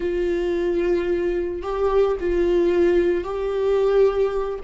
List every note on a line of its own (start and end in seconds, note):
0.00 1.62 F4
1.62 2.16 G4
2.19 3.23 F4
3.23 4.58 G4